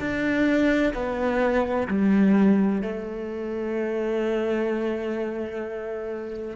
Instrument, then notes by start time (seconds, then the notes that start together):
cello
0.00 D4
0.94 B3
1.88 G3
2.82 A3